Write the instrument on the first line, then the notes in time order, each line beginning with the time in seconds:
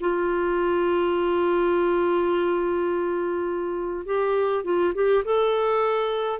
clarinet
0.00 F4
4.06 G4
4.64 F4
4.94 G4
5.24 A4